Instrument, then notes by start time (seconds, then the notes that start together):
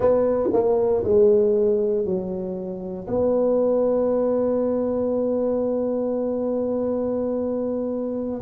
tuba
0.00 B3
0.52 A#3
1.04 G#3
2.05 F#3
3.07 B3